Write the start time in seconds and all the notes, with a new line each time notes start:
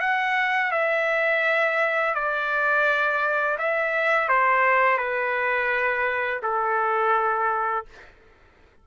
0.00 F#5
0.71 E5
2.14 D5
3.58 E5
4.28 C5
4.97 B4
6.42 A4